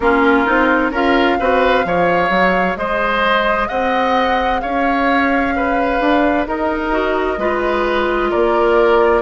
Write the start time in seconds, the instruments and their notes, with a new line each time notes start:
0.00 bassoon A#3, clarinet C#4, oboe F4, flute A#4
0.45 bassoon C4, clarinet D#4
0.91 bassoon C#4, clarinet F4, oboe A#4, flute F5
1.39 bassoon C4, clarinet F#4, oboe B4
1.83 bassoon F3, clarinet G#4, oboe C#5
2.29 bassoon F#3
2.76 bassoon G#3, oboe C5, flute D#5
3.68 bassoon C4, oboe D#5, flute F#5
4.60 bassoon C#4, oboe C#5, flute F5
5.56 oboe B4
6.00 bassoon D4
6.46 bassoon D#4, oboe A#4, flute D#5
6.91 clarinet F#4
7.38 bassoon G#3, clarinet F4, oboe B4
8.30 bassoon A#3, oboe A#4, flute D5